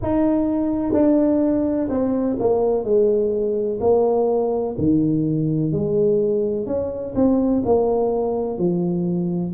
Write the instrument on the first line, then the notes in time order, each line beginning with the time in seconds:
tuba
0.02 D#4
0.93 D4
1.89 C4
2.39 A#3
2.84 G#3
3.80 A#3
4.77 D#3
5.71 G#3
6.66 C#4
7.15 C4
7.65 A#3
8.58 F3